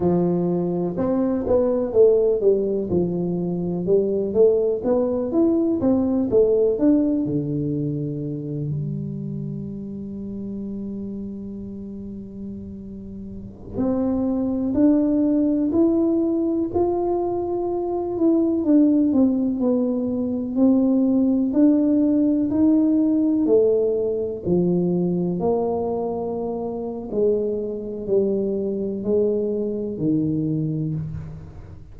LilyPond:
\new Staff \with { instrumentName = "tuba" } { \time 4/4 \tempo 4 = 62 f4 c'8 b8 a8 g8 f4 | g8 a8 b8 e'8 c'8 a8 d'8 d8~ | d4 g2.~ | g2~ g16 c'4 d'8.~ |
d'16 e'4 f'4. e'8 d'8 c'16~ | c'16 b4 c'4 d'4 dis'8.~ | dis'16 a4 f4 ais4.~ ais16 | gis4 g4 gis4 dis4 | }